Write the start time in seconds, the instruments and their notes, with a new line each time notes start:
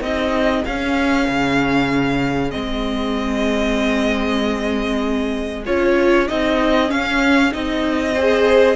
0.00 cello C4, viola D#4, violin G#4 D#5
0.65 viola C#4, cello C#4, violin F5
1.28 cello C#3
2.50 cello G#3, viola C4, violin D#5
5.65 cello C#4, viola F4, violin C#5
6.27 cello C4, viola D#4, violin D#5
6.88 viola C#4, cello C#4, violin F5
7.50 cello C4, viola D#4, violin D#5
8.14 viola G#4, violin C5